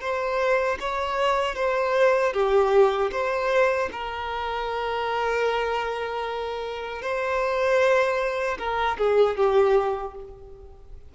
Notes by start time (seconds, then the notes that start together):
0.00 C5
0.80 C#5
1.55 C5
2.33 G4
3.11 C5
3.92 A#4
7.02 C5
8.58 A#4
8.98 G#4
9.37 G4